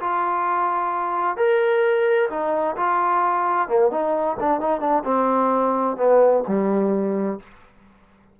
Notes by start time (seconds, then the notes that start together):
0.00 F4
1.37 A#4
2.30 D#4
2.77 F4
3.68 A#3
3.91 D#4
4.40 D4
4.60 D#4
4.80 D4
5.05 C4
5.97 B3
6.47 G3